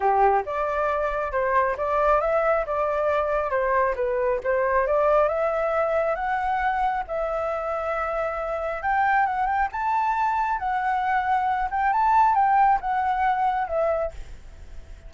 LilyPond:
\new Staff \with { instrumentName = "flute" } { \time 4/4 \tempo 4 = 136 g'4 d''2 c''4 | d''4 e''4 d''2 | c''4 b'4 c''4 d''4 | e''2 fis''2 |
e''1 | g''4 fis''8 g''8 a''2 | fis''2~ fis''8 g''8 a''4 | g''4 fis''2 e''4 | }